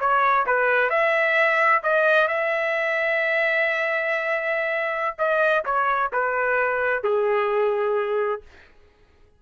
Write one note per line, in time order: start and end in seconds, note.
0.00 0.46 C#5
0.47 0.90 B4
0.90 1.82 E5
1.83 2.28 D#5
2.28 5.17 E5
5.19 5.65 D#5
5.65 6.11 C#5
6.13 7.04 B4
7.04 8.42 G#4